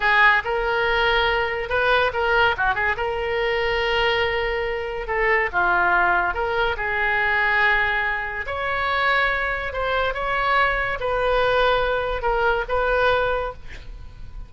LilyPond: \new Staff \with { instrumentName = "oboe" } { \time 4/4 \tempo 4 = 142 gis'4 ais'2. | b'4 ais'4 fis'8 gis'8 ais'4~ | ais'1 | a'4 f'2 ais'4 |
gis'1 | cis''2. c''4 | cis''2 b'2~ | b'4 ais'4 b'2 | }